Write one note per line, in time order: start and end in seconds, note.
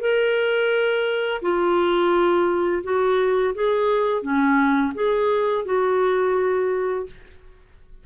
0.00 1.41 A#4
1.42 2.83 F4
2.84 3.54 F#4
3.55 4.22 G#4
4.22 4.93 C#4
4.94 5.65 G#4
5.65 7.06 F#4